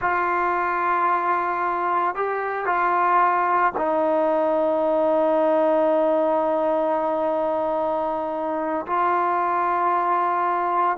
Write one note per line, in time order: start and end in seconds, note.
0.01 2.15 F4
2.15 2.65 G4
2.65 3.72 F4
3.77 8.86 D#4
8.86 10.97 F4